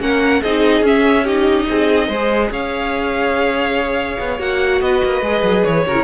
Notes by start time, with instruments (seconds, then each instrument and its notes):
0.00 cello A#3, viola C#4, violin A#4 F#5
0.43 cello C4, viola D#4, violin G#4 D#5
0.82 cello C#4, viola C#4, violin E5
1.24 viola D#4, violin G4 D#5
1.70 cello C4, violin G#4
2.08 cello G#3, viola G#4, violin C5
2.51 cello C#4, violin C#5 F5
4.20 cello B3
4.39 cello A#3, viola F#4, violin F#5
4.81 cello B3, violin B4 D#5
5.04 cello A#3
5.22 cello G#3, viola G#4
5.43 cello F#3
5.64 cello E3, violin C#5
5.87 cello C#3, viola F#4, violin A#4
5.95 viola E4